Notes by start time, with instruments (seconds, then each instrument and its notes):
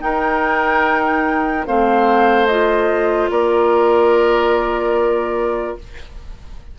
0.00 clarinet D#4, bassoon D#4, oboe A#4, flute G5
1.66 bassoon A3, clarinet C4, oboe C5, flute F5
2.47 clarinet F4, flute D#5
3.30 bassoon A#3, oboe A#4, flute D5